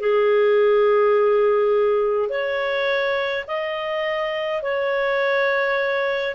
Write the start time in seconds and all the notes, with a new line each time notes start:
0.00 G#4
2.29 C#5
3.47 D#5
4.62 C#5